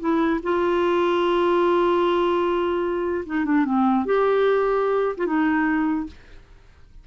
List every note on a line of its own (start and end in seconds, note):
0.00 0.40 E4
0.43 3.25 F4
3.26 3.45 D#4
3.45 3.65 D4
3.65 4.05 C4
4.05 5.16 G4
5.17 5.26 F4
5.26 6.07 D#4